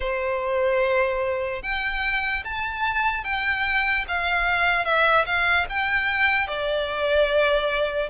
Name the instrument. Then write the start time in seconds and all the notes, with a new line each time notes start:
violin
0.00 C5
1.62 G5
2.44 A5
3.24 G5
4.08 F5
4.84 E5
5.25 F5
5.69 G5
6.47 D5